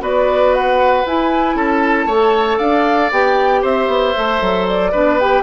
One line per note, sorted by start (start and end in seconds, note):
0.00 1.04 B3
0.00 1.03 F#4
0.00 1.56 B4
0.00 0.54 D5
0.54 1.05 F#5
1.06 1.55 E4
1.06 2.10 E4
1.06 1.57 G#5
1.55 2.06 C#4
1.55 2.06 A4
1.55 2.59 A5
2.06 2.58 A3
2.06 3.12 A4
2.06 2.58 C#5
2.58 3.11 D4
2.58 3.61 D5
2.58 3.10 F5
3.11 3.63 B3
3.11 4.15 G4
3.11 3.64 G5
3.62 3.87 C4
3.62 4.91 C5
3.62 4.68 E5
3.87 4.13 B3
4.15 4.41 A3
4.15 4.92 A4
4.41 4.93 F#3
4.68 5.19 D5
4.92 5.42 B3
4.92 5.19 D4
4.92 5.42 B4
5.19 5.42 G4
5.19 5.42 G5